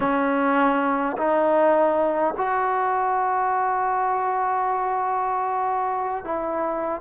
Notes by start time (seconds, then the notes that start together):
0.00 C#4
1.17 D#4
2.37 F#4
6.24 E4